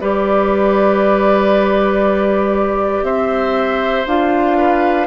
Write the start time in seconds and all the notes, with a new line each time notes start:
0.00 G3 G4 B4 D5
3.03 C4 C5 E5
4.06 D4 F4 F5
4.57 B4